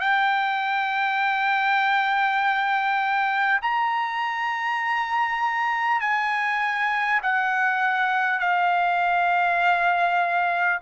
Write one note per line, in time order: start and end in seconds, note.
0.00 3.60 G5
3.62 6.00 A#5
6.00 7.20 G#5
7.22 8.39 F#5
8.39 10.79 F5